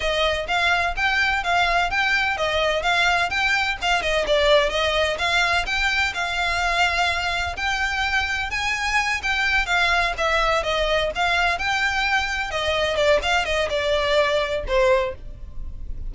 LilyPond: \new Staff \with { instrumentName = "violin" } { \time 4/4 \tempo 4 = 127 dis''4 f''4 g''4 f''4 | g''4 dis''4 f''4 g''4 | f''8 dis''8 d''4 dis''4 f''4 | g''4 f''2. |
g''2 gis''4. g''8~ | g''8 f''4 e''4 dis''4 f''8~ | f''8 g''2 dis''4 d''8 | f''8 dis''8 d''2 c''4 | }